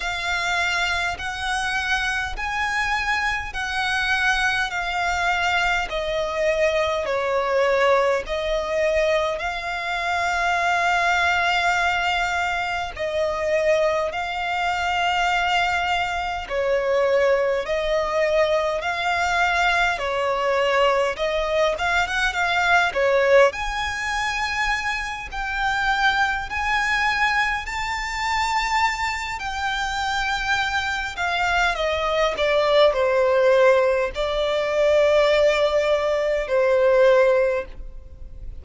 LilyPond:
\new Staff \with { instrumentName = "violin" } { \time 4/4 \tempo 4 = 51 f''4 fis''4 gis''4 fis''4 | f''4 dis''4 cis''4 dis''4 | f''2. dis''4 | f''2 cis''4 dis''4 |
f''4 cis''4 dis''8 f''16 fis''16 f''8 cis''8 | gis''4. g''4 gis''4 a''8~ | a''4 g''4. f''8 dis''8 d''8 | c''4 d''2 c''4 | }